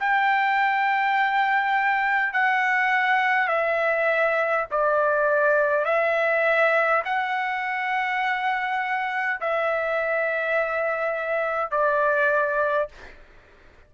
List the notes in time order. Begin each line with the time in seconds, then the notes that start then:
0.00 G5
2.34 F#5
3.48 E5
4.72 D5
5.86 E5
7.05 F#5
9.41 E5
11.72 D5